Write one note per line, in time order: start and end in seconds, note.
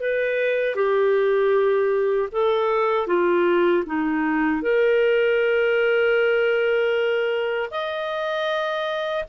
0.00 0.75 B4
0.75 2.29 G4
2.31 3.07 A4
3.07 3.84 F4
3.86 4.62 D#4
4.62 7.69 A#4
7.70 9.24 D#5